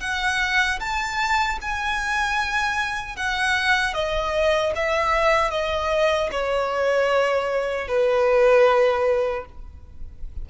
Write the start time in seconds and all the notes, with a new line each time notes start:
0.00 F#5
0.79 A5
1.61 G#5
3.16 F#5
3.93 D#5
4.75 E5
5.50 D#5
6.31 C#5
7.87 B4